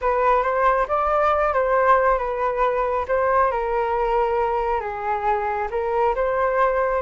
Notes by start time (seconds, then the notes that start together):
0.01 B4
0.42 C5
0.88 D5
1.53 C5
2.18 B4
3.08 C5
3.51 A#4
4.80 G#4
5.71 A#4
6.15 C5